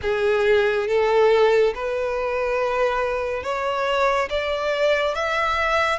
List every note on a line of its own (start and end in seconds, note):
0.02 0.87 G#4
0.87 1.73 A4
1.75 3.43 B4
3.43 4.29 C#5
4.29 5.14 D5
5.14 5.98 E5